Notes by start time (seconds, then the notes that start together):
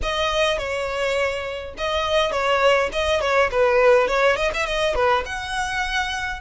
0.02 D#5
0.58 C#5
1.77 D#5
2.31 C#5
2.92 D#5
3.20 C#5
3.51 B4
4.07 C#5
4.36 D#5
4.54 E5
4.66 D#5
4.94 B4
5.25 F#5